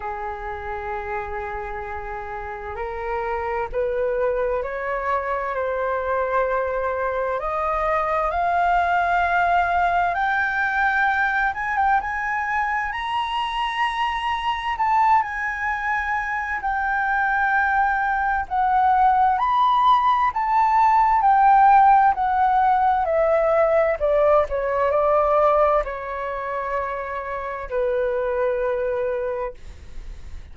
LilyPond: \new Staff \with { instrumentName = "flute" } { \time 4/4 \tempo 4 = 65 gis'2. ais'4 | b'4 cis''4 c''2 | dis''4 f''2 g''4~ | g''8 gis''16 g''16 gis''4 ais''2 |
a''8 gis''4. g''2 | fis''4 b''4 a''4 g''4 | fis''4 e''4 d''8 cis''8 d''4 | cis''2 b'2 | }